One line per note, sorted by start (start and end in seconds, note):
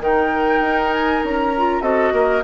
0.00 0.61 D#3
0.00 1.52 D#4
0.00 1.83 A#4
0.00 0.93 G5
0.61 1.22 D#4
0.93 1.24 G#5
1.24 1.82 C#4
1.24 1.82 A#5
1.58 1.82 F4
1.82 2.12 C4
1.82 2.42 F#4
1.82 2.13 A4
1.82 2.43 D#5
2.13 2.44 A#3
2.13 2.44 A#4